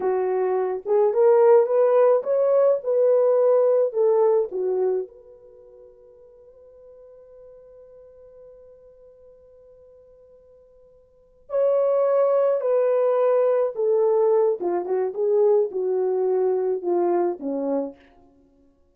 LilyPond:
\new Staff \with { instrumentName = "horn" } { \time 4/4 \tempo 4 = 107 fis'4. gis'8 ais'4 b'4 | cis''4 b'2 a'4 | fis'4 b'2.~ | b'1~ |
b'1~ | b'8 cis''2 b'4.~ | b'8 a'4. f'8 fis'8 gis'4 | fis'2 f'4 cis'4 | }